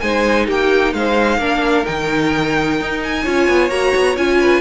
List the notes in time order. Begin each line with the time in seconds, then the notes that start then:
0.00 G#3 D#4 C5 G#5
0.46 A#3 G4 G5
0.93 G#3 C5 F5
1.38 A#3 D4 A#4
1.85 D#3 D#4 G5
2.81 D#4
3.03 G#5
3.22 C#4 F4 C#5
3.48 B3
3.69 A#3 F#4 A#5
3.95 B3
4.17 C#4 F4 G#5
4.40 B4